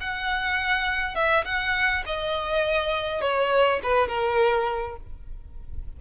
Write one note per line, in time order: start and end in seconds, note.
0.00 1.15 F#5
1.15 1.44 E5
1.44 2.03 F#5
2.06 3.21 D#5
3.21 3.80 C#5
3.83 4.08 B4
4.08 4.96 A#4